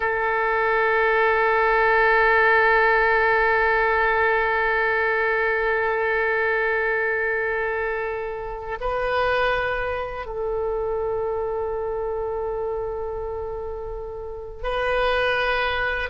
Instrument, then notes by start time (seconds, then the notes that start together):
oboe
0.00 A4
8.80 B4
10.26 A4
14.63 B4